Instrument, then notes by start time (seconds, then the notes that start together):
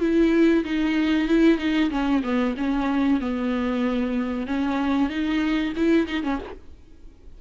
viola
0.00 E4
0.64 D#4
1.28 E4
1.58 D#4
1.90 C#4
2.23 B3
2.57 C#4
3.20 B3
4.47 C#4
5.09 D#4
5.76 E4
6.07 D#4
6.23 C#4